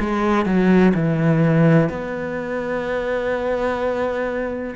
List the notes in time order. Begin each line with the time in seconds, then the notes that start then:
0.00 G#3
0.46 F#3
0.94 E3
1.90 B3